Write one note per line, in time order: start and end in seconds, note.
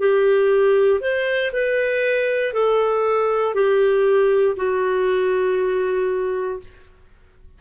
0.00 1.01 G4
1.01 1.52 C5
1.53 2.53 B4
2.53 3.55 A4
3.55 4.56 G4
4.57 6.60 F#4